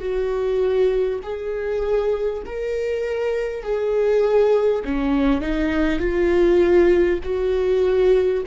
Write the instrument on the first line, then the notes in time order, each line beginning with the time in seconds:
viola
0.00 F#4
1.23 G#4
2.45 A#4
3.63 G#4
4.84 C#4
5.41 D#4
5.99 F4
7.23 F#4